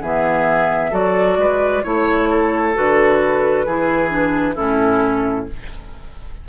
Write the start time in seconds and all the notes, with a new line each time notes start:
0.00 E3 B3 G#4 E5
0.90 F#3 F#4 A4 D5
1.37 G#3 B4
1.83 A3 E4 C#5
2.29 A4
2.74 D3 F#4 B4
3.66 E3 E4 G#4
4.09 D4
4.55 A2 C#4 E4 A4